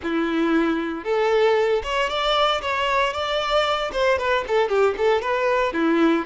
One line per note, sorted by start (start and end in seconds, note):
0.03 1.04 E4
1.04 1.82 A4
1.83 2.09 C#5
2.09 2.61 D5
2.61 3.13 C#5
3.13 3.91 D5
3.92 4.18 C5
4.18 4.44 B4
4.47 4.68 A4
4.68 4.94 G4
4.97 5.21 A4
5.21 5.73 B4
5.73 6.25 E4